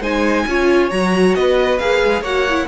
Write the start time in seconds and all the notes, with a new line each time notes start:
0.00 G#3 D#4 C5 G#5
0.47 C#4 F4 C#5
0.90 F#3 F#4 A#5
1.34 B3 B4 D#5
1.78 A#3 G#4 F5
2.04 G#3
2.21 A#3 F#4 C#5 F#5
2.49 E4